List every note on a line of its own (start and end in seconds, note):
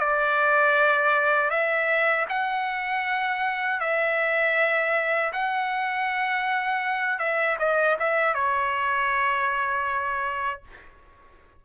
0.00 1.51 D5
1.51 2.26 E5
2.30 3.81 F#5
3.81 5.33 E5
5.33 7.20 F#5
7.20 7.58 E5
7.59 7.97 D#5
8.00 8.35 E5
8.35 10.63 C#5